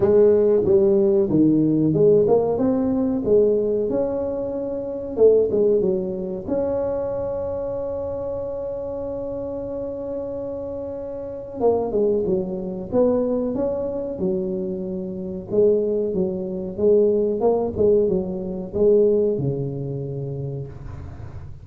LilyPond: \new Staff \with { instrumentName = "tuba" } { \time 4/4 \tempo 4 = 93 gis4 g4 dis4 gis8 ais8 | c'4 gis4 cis'2 | a8 gis8 fis4 cis'2~ | cis'1~ |
cis'2 ais8 gis8 fis4 | b4 cis'4 fis2 | gis4 fis4 gis4 ais8 gis8 | fis4 gis4 cis2 | }